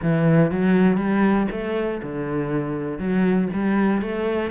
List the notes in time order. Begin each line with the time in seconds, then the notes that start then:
0.02 E3
0.51 F#3
0.97 G3
1.51 A3
2.02 D3
2.98 F#3
3.53 G3
4.01 A3